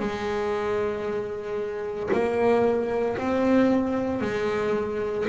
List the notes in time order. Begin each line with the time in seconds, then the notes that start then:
0.00 G#3
2.13 A#3
3.18 C4
4.22 G#3